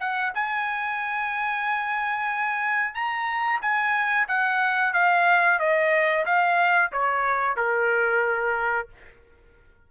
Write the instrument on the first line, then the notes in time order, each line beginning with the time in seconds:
trumpet
0.00 F#5
0.34 G#5
2.94 A#5
3.62 G#5
4.28 F#5
4.93 F5
5.59 D#5
6.26 F5
6.92 C#5
7.56 A#4